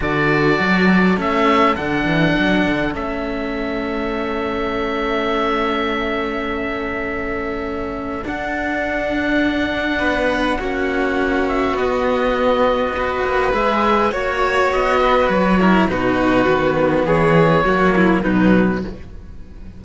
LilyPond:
<<
  \new Staff \with { instrumentName = "oboe" } { \time 4/4 \tempo 4 = 102 d''2 e''4 fis''4~ | fis''4 e''2.~ | e''1~ | e''2 fis''2~ |
fis''2.~ fis''8 e''8 | dis''2. e''4 | cis''4 dis''4 cis''4 b'4~ | b'4 cis''2 b'4 | }
  \new Staff \with { instrumentName = "violin" } { \time 4/4 a'1~ | a'1~ | a'1~ | a'1~ |
a'4 b'4 fis'2~ | fis'2 b'2 | cis''4. b'4 ais'8 fis'4~ | fis'4 gis'4 fis'8 e'8 dis'4 | }
  \new Staff \with { instrumentName = "cello" } { \time 4/4 fis'2 cis'4 d'4~ | d'4 cis'2.~ | cis'1~ | cis'2 d'2~ |
d'2 cis'2 | b2 fis'4 gis'4 | fis'2~ fis'8 e'8 dis'4 | b2 ais4 fis4 | }
  \new Staff \with { instrumentName = "cello" } { \time 4/4 d4 fis4 a4 d8 e8 | fis8 d8 a2.~ | a1~ | a2 d'2~ |
d'4 b4 ais2 | b2~ b8 ais8 gis4 | ais4 b4 fis4 b,4 | dis4 e4 fis4 b,4 | }
>>